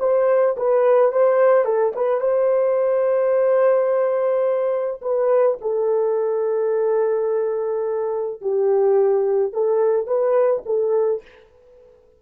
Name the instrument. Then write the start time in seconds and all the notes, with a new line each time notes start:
horn
0.00 C5
0.57 B4
1.12 C5
1.65 A4
1.96 B4
2.21 C5
5.02 B4
5.62 A4
8.41 G4
9.53 A4
10.07 B4
10.66 A4